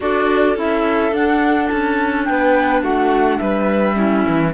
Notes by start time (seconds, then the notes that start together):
0.00 D4 F#4 A4 D5
0.55 C#4 E4 E5
1.12 D4 F#5
1.67 C#4 A5
2.24 B3 B4 G5
2.82 A3 F#4 F#5
3.38 G3 B4 E5
3.95 C#4 E4
4.28 E3